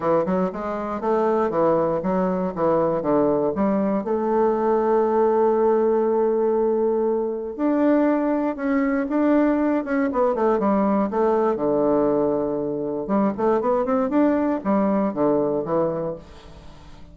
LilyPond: \new Staff \with { instrumentName = "bassoon" } { \time 4/4 \tempo 4 = 119 e8 fis8 gis4 a4 e4 | fis4 e4 d4 g4 | a1~ | a2. d'4~ |
d'4 cis'4 d'4. cis'8 | b8 a8 g4 a4 d4~ | d2 g8 a8 b8 c'8 | d'4 g4 d4 e4 | }